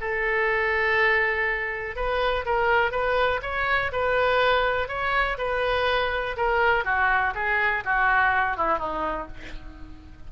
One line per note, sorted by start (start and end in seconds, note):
0.00 1.95 A4
1.95 2.45 B4
2.45 2.91 A#4
2.91 3.40 B4
3.42 3.91 C#5
3.92 4.88 B4
4.88 5.37 C#5
5.37 6.36 B4
6.36 6.84 A#4
6.84 7.33 F#4
7.34 7.84 G#4
7.84 8.57 F#4
8.57 8.78 E4
8.78 9.27 D#4